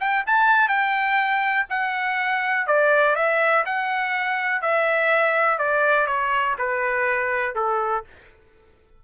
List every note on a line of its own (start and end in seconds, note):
0.00 0.24 G5
0.26 0.69 A5
0.69 1.66 G5
1.70 2.67 F#5
2.67 3.16 D5
3.16 3.65 E5
3.66 4.62 F#5
4.62 5.58 E5
5.58 6.07 D5
6.07 6.56 C#5
6.59 7.55 B4
7.55 8.04 A4